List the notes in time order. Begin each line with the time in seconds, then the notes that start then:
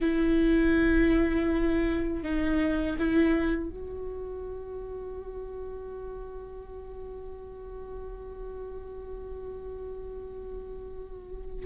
0.00 E4
2.22 D#4
2.98 E4
3.69 F#4